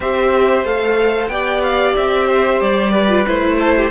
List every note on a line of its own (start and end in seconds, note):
0.00 0.64 C4
0.00 0.65 G4
0.00 1.30 C5
0.00 0.65 E5
0.64 1.27 A3
0.64 1.30 A4
0.64 1.28 F5
1.27 1.93 B3
1.27 3.09 G4
1.27 2.26 D5
1.27 1.61 G5
1.62 1.95 F5
1.96 2.60 C4
1.96 2.61 E5
2.26 2.91 C5
2.60 3.26 G3
2.60 3.26 D5
2.91 3.56 B4
3.09 3.25 F4
3.26 3.91 A3
3.26 3.91 E4
3.26 3.91 C5
3.59 3.75 A4
3.76 3.91 G4